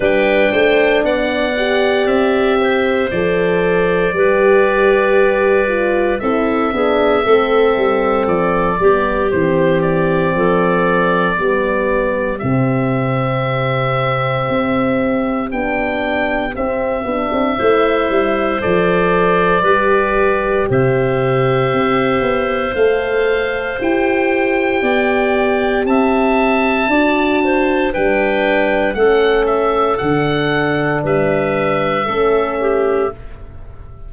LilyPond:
<<
  \new Staff \with { instrumentName = "oboe" } { \time 4/4 \tempo 4 = 58 g''4 fis''4 e''4 d''4~ | d''2 e''2 | d''4 c''8 d''2~ d''8 | e''2. g''4 |
e''2 d''2 | e''2 f''4 g''4~ | g''4 a''2 g''4 | fis''8 e''8 fis''4 e''2 | }
  \new Staff \with { instrumentName = "clarinet" } { \time 4/4 b'8 c''8 d''4. c''4. | b'2 a'8 gis'8 a'4~ | a'8 g'4. a'4 g'4~ | g'1~ |
g'4 c''2 b'4 | c''1 | d''4 e''4 d''8 c''8 b'4 | a'2 b'4 a'8 g'8 | }
  \new Staff \with { instrumentName = "horn" } { \time 4/4 d'4. g'4. a'4 | g'4. f'8 e'8 d'8 c'4~ | c'8 b8 c'2 b4 | c'2. d'4 |
c'8 d'8 e'4 a'4 g'4~ | g'2 a'4 g'4~ | g'2 fis'4 d'4 | cis'4 d'2 cis'4 | }
  \new Staff \with { instrumentName = "tuba" } { \time 4/4 g8 a8 b4 c'4 f4 | g2 c'8 b8 a8 g8 | f8 g8 e4 f4 g4 | c2 c'4 b4 |
c'8 b16 c'16 a8 g8 f4 g4 | c4 c'8 b8 a4 e'4 | b4 c'4 d'4 g4 | a4 d4 g4 a4 | }
>>